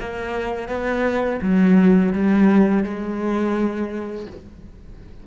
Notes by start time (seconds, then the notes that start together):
0.00 A#3
0.69 B3
1.41 F#3
2.13 G3
2.83 G#3